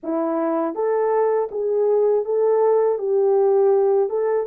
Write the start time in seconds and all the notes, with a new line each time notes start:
0.03 E4
0.74 A4
1.51 G#4
2.25 A4
2.98 G4
4.09 A4